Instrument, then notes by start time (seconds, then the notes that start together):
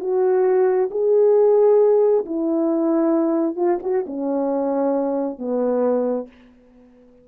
horn
0.00 F#4
0.91 G#4
2.26 E4
3.56 F4
3.83 F#4
4.06 C#4
5.39 B3